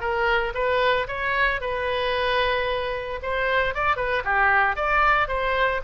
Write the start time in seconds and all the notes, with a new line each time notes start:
0.00 A#4
0.54 B4
1.07 C#5
1.60 B4
3.22 C5
3.74 D5
3.96 B4
4.24 G4
4.76 D5
5.28 C5